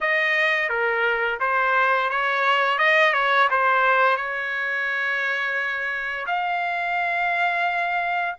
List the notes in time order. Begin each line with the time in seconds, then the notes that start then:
0.00 D#5
0.69 A#4
1.40 C5
2.09 C#5
2.78 D#5
3.13 C#5
3.50 C5
4.16 C#5
6.26 F5